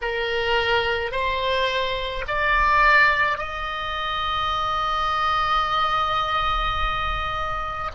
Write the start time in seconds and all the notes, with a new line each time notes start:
0.01 A#4
1.11 C5
2.27 D5
3.38 D#5